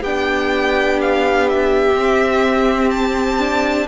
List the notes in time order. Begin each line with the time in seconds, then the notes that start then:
0.00 B3 D4 G4 G5
1.01 F5
1.49 E5
1.94 C4
2.90 A5
3.39 D4